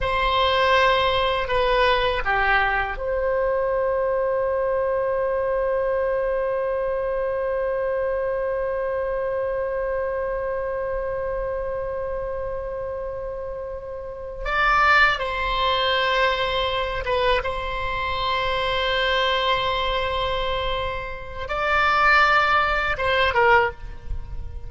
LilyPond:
\new Staff \with { instrumentName = "oboe" } { \time 4/4 \tempo 4 = 81 c''2 b'4 g'4 | c''1~ | c''1~ | c''1~ |
c''2.~ c''8 d''8~ | d''8 c''2~ c''8 b'8 c''8~ | c''1~ | c''4 d''2 c''8 ais'8 | }